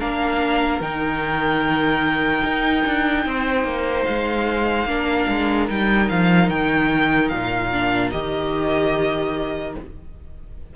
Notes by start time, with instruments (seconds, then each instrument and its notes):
0.00 cello A#3, viola D4, violin A#4 F5
0.81 cello D#3, viola D#4, violin G5
2.44 cello D#4
2.86 cello D4
3.26 cello C4, violin C5
3.65 cello A#3
4.05 cello G#3, violin F5
4.86 cello A#3, viola D4, violin A#4
5.29 cello G#3
5.69 cello G3, viola D#4, violin G5
6.09 cello F3, violin F5
6.50 cello D#3, violin G5
7.29 cello A#2, violin F5
7.73 viola D4
8.12 cello D#3, viola G4, violin D#5